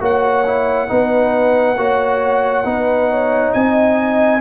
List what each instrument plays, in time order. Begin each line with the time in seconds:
0.00 tuba A#3, trombone F#4, horn C#5, trumpet F#5
0.46 trombone E4
0.87 tuba B3, trombone D#4, horn B4
1.77 tuba A#3, trombone F#4, horn C#5
2.64 tuba B3, trombone D#4, horn B4
3.11 horn C#5
3.53 tuba C4, horn D#5, trumpet G#5